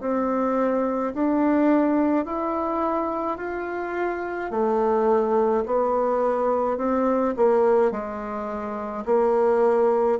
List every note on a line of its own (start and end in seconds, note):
0.00 1.13 C4
1.13 2.25 D4
2.25 3.37 E4
3.37 4.50 F4
4.50 5.63 A3
5.66 6.77 B3
6.77 7.34 C4
7.36 7.91 A#3
7.91 9.04 G#3
9.05 10.18 A#3